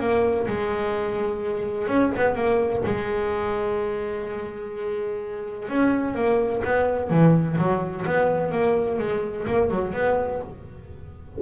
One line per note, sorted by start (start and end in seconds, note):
0.00 0.47 A#3
0.48 1.88 G#3
1.88 2.12 C#4
2.17 2.35 B3
2.35 2.83 A#3
2.86 5.69 G#3
5.70 6.15 C#4
6.15 6.62 A#3
6.65 7.10 B3
7.10 7.58 E3
7.58 8.06 F#3
8.07 8.52 B3
8.52 8.99 A#3
8.99 9.46 G#3
9.47 9.71 A#3
9.71 9.94 F#3
9.94 10.41 B3